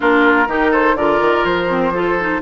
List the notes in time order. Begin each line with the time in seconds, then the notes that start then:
0.00 A#3 D4 F4 A#4
0.47 D#3 D#4 G4
0.71 A4 C5
0.95 D3 F4 A#4 D5
1.20 D#3
1.44 F3 C5
1.68 C4
1.93 F4 A4
2.19 D#4